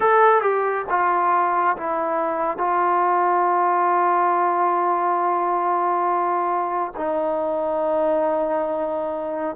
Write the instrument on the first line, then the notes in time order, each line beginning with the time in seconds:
trombone
0.00 A4
0.42 G4
0.89 F4
1.76 E4
2.57 F4
6.96 D#4